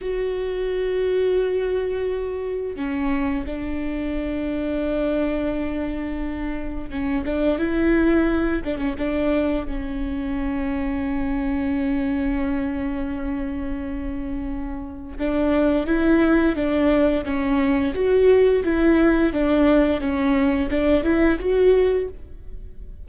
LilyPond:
\new Staff \with { instrumentName = "viola" } { \time 4/4 \tempo 4 = 87 fis'1 | cis'4 d'2.~ | d'2 cis'8 d'8 e'4~ | e'8 d'16 cis'16 d'4 cis'2~ |
cis'1~ | cis'2 d'4 e'4 | d'4 cis'4 fis'4 e'4 | d'4 cis'4 d'8 e'8 fis'4 | }